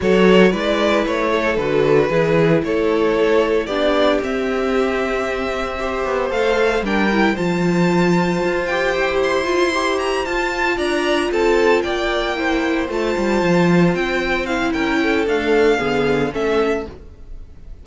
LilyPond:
<<
  \new Staff \with { instrumentName = "violin" } { \time 4/4 \tempo 4 = 114 cis''4 d''4 cis''4 b'4~ | b'4 cis''2 d''4 | e''1 | f''4 g''4 a''2~ |
a''8 g''4 c'''4. ais''8 a''8~ | a''8 ais''4 a''4 g''4.~ | g''8 a''2 g''4 f''8 | g''4 f''2 e''4 | }
  \new Staff \with { instrumentName = "violin" } { \time 4/4 a'4 b'4. a'4. | gis'4 a'2 g'4~ | g'2. c''4~ | c''4 ais'4 c''2~ |
c''1~ | c''8 d''4 a'4 d''4 c''8~ | c''1 | ais'8 a'4. gis'4 a'4 | }
  \new Staff \with { instrumentName = "viola" } { \time 4/4 fis'4 e'2 fis'4 | e'2. d'4 | c'2. g'4 | a'4 d'8 e'8 f'2~ |
f'8 g'4. f'8 g'4 f'8~ | f'2.~ f'8 e'8~ | e'8 f'2. e'8~ | e'4 a4 b4 cis'4 | }
  \new Staff \with { instrumentName = "cello" } { \time 4/4 fis4 gis4 a4 d4 | e4 a2 b4 | c'2.~ c'8 b8 | a4 g4 f2 |
f'4 e'2~ e'8 f'8~ | f'8 d'4 c'4 ais4.~ | ais8 a8 g8 f4 c'4. | cis'4 d'4 d4 a4 | }
>>